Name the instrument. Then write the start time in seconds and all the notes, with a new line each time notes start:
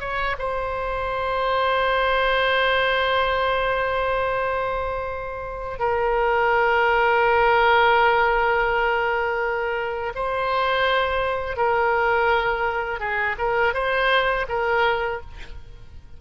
oboe
0.00 C#5
0.39 C5
5.79 A#4
10.15 C5
11.57 A#4
13.00 G#4
13.38 A#4
13.74 C5
14.49 A#4